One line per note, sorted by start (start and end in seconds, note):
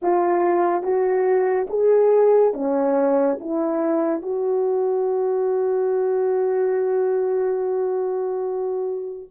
0.02 0.82 F4
0.82 1.67 F#4
1.69 2.54 G#4
2.54 3.38 C#4
3.40 4.21 E4
4.21 9.28 F#4